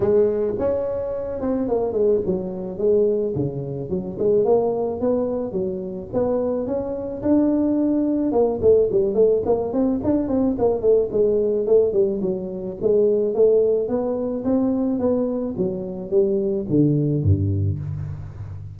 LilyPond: \new Staff \with { instrumentName = "tuba" } { \time 4/4 \tempo 4 = 108 gis4 cis'4. c'8 ais8 gis8 | fis4 gis4 cis4 fis8 gis8 | ais4 b4 fis4 b4 | cis'4 d'2 ais8 a8 |
g8 a8 ais8 c'8 d'8 c'8 ais8 a8 | gis4 a8 g8 fis4 gis4 | a4 b4 c'4 b4 | fis4 g4 d4 g,4 | }